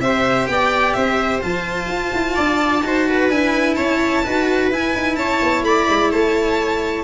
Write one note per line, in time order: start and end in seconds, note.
0.00 0.47 C4
0.00 1.41 G4
0.00 0.51 C5
0.00 0.47 E5
0.47 0.95 B3
0.47 0.96 D5
0.47 0.93 G5
0.93 1.43 C4
0.93 2.35 C5
0.93 1.40 E5
1.41 1.88 F3
1.41 2.82 F4
1.41 3.30 A5
1.88 2.11 F4
2.13 2.36 E4
2.35 2.83 D4
2.35 2.82 D5
2.83 3.30 D#4
2.83 3.30 F#4
2.83 3.08 C5
3.08 3.76 B4
3.30 3.77 D4
3.30 4.25 E4
3.30 3.75 G#5
3.75 4.25 C#4
3.75 4.23 C#5
3.75 4.68 A5
4.24 4.70 D#4
4.24 4.71 F#4
4.24 5.18 B4
4.70 4.94 E4
4.70 7.04 E4
4.70 5.16 G#5
4.95 5.17 D#4
5.16 5.40 C#4
5.16 5.65 C#5
5.16 5.63 A5
5.42 5.63 B3
5.63 5.86 A3
5.63 6.11 D5
5.63 6.12 B5
5.90 6.12 G#3
6.11 7.04 A3
6.11 7.04 C#5
6.11 7.04 A5